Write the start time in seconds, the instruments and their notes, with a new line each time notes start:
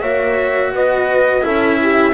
0.00 double bass A#3, cello F#4, horn C#5, trumpet E5
0.72 double bass B3, horn B4, trumpet D#5
1.41 double bass C#4, cello E4, horn A4, trumpet E5
1.82 horn G4